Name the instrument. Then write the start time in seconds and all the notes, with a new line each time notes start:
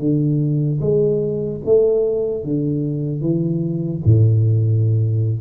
tuba
0.00 D3
0.81 G#3
1.65 A3
2.45 D3
3.22 E3
4.05 A2